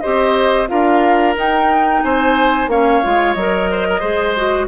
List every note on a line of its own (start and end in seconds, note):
0.00 0.70 C4
0.00 0.67 G4
0.00 0.68 C5
0.00 0.67 D#5
0.67 1.36 D4
0.67 1.34 F4
0.67 2.03 A#4
0.67 1.34 F5
1.36 2.02 D#4
1.36 2.70 D#4
1.36 2.02 G5
2.02 2.67 C4
2.02 2.70 C5
2.02 2.69 G#5
2.67 3.00 A#3
2.67 3.03 C#4
2.67 3.70 C#5
2.67 3.33 F5
3.03 3.35 G#3
3.03 3.36 F4
3.33 4.02 F#3
3.33 4.01 A#4
3.33 4.67 D#5
3.70 3.87 C5
3.89 3.99 A#4
3.99 4.67 G#3
3.99 4.34 G#4
3.99 4.66 C5
4.36 4.67 F#4